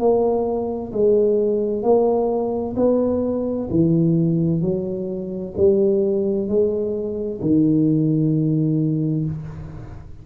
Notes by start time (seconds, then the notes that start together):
0.00 A#3
0.92 G#3
1.83 A#3
2.77 B3
3.70 E3
4.62 F#3
5.57 G3
6.48 G#3
7.41 D#3